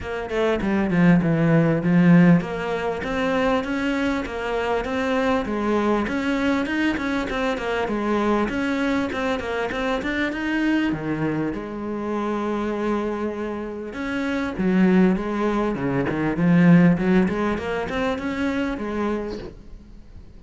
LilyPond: \new Staff \with { instrumentName = "cello" } { \time 4/4 \tempo 4 = 99 ais8 a8 g8 f8 e4 f4 | ais4 c'4 cis'4 ais4 | c'4 gis4 cis'4 dis'8 cis'8 | c'8 ais8 gis4 cis'4 c'8 ais8 |
c'8 d'8 dis'4 dis4 gis4~ | gis2. cis'4 | fis4 gis4 cis8 dis8 f4 | fis8 gis8 ais8 c'8 cis'4 gis4 | }